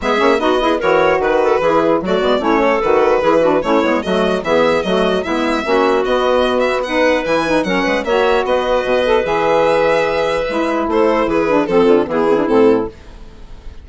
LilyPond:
<<
  \new Staff \with { instrumentName = "violin" } { \time 4/4 \tempo 4 = 149 e''4 dis''4 cis''4 b'4~ | b'4 d''4 cis''4 b'4~ | b'4 cis''4 dis''4 e''4 | dis''4 e''2 dis''4~ |
dis''8 e''8 fis''4 gis''4 fis''4 | e''4 dis''2 e''4~ | e''2. c''4 | b'4 a'4 gis'4 a'4 | }
  \new Staff \with { instrumentName = "clarinet" } { \time 4/4 gis'4 fis'8 gis'8 ais'4 b'8 a'8 | gis'4 fis'4 e'8 a'4. | gis'8 fis'8 e'4 fis'4 gis'4 | fis'4 e'4 fis'2~ |
fis'4 b'2 ais'8 b'8 | cis''4 b'2.~ | b'2. a'4 | gis'4 a'8 f'8 e'2 | }
  \new Staff \with { instrumentName = "saxophone" } { \time 4/4 b8 cis'8 dis'8 e'8 fis'2 | e'4 a8 b8 cis'4 fis'4 | e'8 d'8 cis'8 b8 a4 b4 | a4 b4 cis'4 b4~ |
b4 dis'4 e'8 dis'8 cis'4 | fis'2~ fis'8 a'8 gis'4~ | gis'2 e'2~ | e'8 d'8 c'4 b8 c'16 d'16 c'4 | }
  \new Staff \with { instrumentName = "bassoon" } { \time 4/4 gis8 ais8 b4 e4 dis4 | e4 fis8 gis8 a4 dis4 | e4 a8 gis8 fis4 e4 | fis4 gis4 ais4 b4~ |
b2 e4 fis8 gis8 | ais4 b4 b,4 e4~ | e2 gis4 a4 | e4 f8 d8 e4 a,4 | }
>>